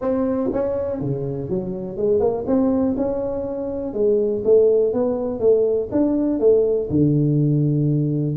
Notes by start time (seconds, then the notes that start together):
0.01 C4
0.53 C#4
1.00 C#3
1.49 F#3
1.96 G#3
2.20 A#3
2.46 C4
2.96 C#4
3.93 G#3
4.44 A3
4.93 B3
5.39 A3
5.92 D4
6.39 A3
6.90 D3